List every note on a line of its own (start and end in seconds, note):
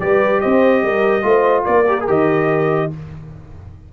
0.00 0.42 G3
0.00 1.23 G4
0.00 0.42 B4
0.00 0.41 D5
0.41 0.83 C4
0.41 0.83 C5
0.41 1.65 D#5
0.83 1.24 G3
0.83 1.24 A#4
1.23 1.65 A3
1.23 1.85 F4
1.23 1.64 C5
1.64 2.08 A#3
1.64 2.88 A#4
1.64 2.06 D5
1.88 1.98 G4
2.01 2.08 G#4
2.08 2.91 D#3
2.08 2.91 G4
2.08 2.93 D#5